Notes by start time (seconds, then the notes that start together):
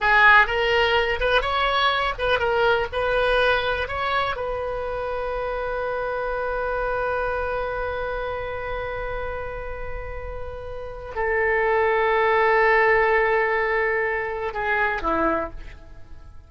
0.00 G#4
0.46 A#4
1.20 B4
1.41 C#5
2.18 B4
2.39 A#4
2.92 B4
3.88 C#5
4.36 B4
11.15 A4
14.53 G#4
15.02 E4